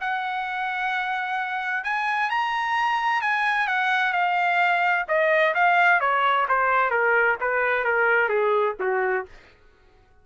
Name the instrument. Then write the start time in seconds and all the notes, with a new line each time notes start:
trumpet
0.00 F#5
1.84 G#5
2.30 A#5
3.21 G#5
3.68 F#5
4.13 F5
5.08 D#5
5.54 F5
6.00 C#5
6.48 C5
6.90 A#4
7.40 B4
7.84 A#4
8.28 G#4
8.79 F#4